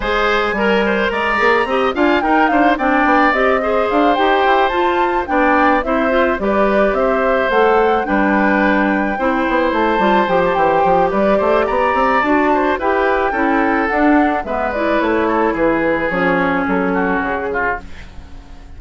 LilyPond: <<
  \new Staff \with { instrumentName = "flute" } { \time 4/4 \tempo 4 = 108 gis''2 ais''4. gis''8 | g''8 f''8 g''4 dis''4 f''8 g''8~ | g''8 a''4 g''4 e''4 d''8~ | d''8 e''4 fis''4 g''4.~ |
g''4. a''4 g''16 a''16 g''4 | d''4 ais''4 a''4 g''4~ | g''4 fis''4 e''8 d''8 cis''4 | b'4 cis''4 a'4 gis'4 | }
  \new Staff \with { instrumentName = "oboe" } { \time 4/4 c''4 ais'8 c''8 d''4 dis''8 f''8 | ais'8 c''8 d''4. c''4.~ | c''4. d''4 c''4 b'8~ | b'8 c''2 b'4.~ |
b'8 c''2.~ c''8 | b'8 c''8 d''4. c''8 b'4 | a'2 b'4. a'8 | gis'2~ gis'8 fis'4 f'8 | }
  \new Staff \with { instrumentName = "clarinet" } { \time 4/4 gis'4 ais'4. gis'8 g'8 f'8 | dis'4 d'4 g'8 gis'4 g'8~ | g'8 f'4 d'4 e'8 f'8 g'8~ | g'4. a'4 d'4.~ |
d'8 e'4. f'8 g'4.~ | g'2 fis'4 g'4 | e'4 d'4 b8 e'4.~ | e'4 cis'2. | }
  \new Staff \with { instrumentName = "bassoon" } { \time 4/4 gis4 g4 gis8 ais8 c'8 d'8 | dis'8 d'8 c'8 b8 c'4 d'8 dis'8 | e'8 f'4 b4 c'4 g8~ | g8 c'4 a4 g4.~ |
g8 c'8 b8 a8 g8 f8 e8 f8 | g8 a8 b8 c'8 d'4 e'4 | cis'4 d'4 gis4 a4 | e4 f4 fis4 cis4 | }
>>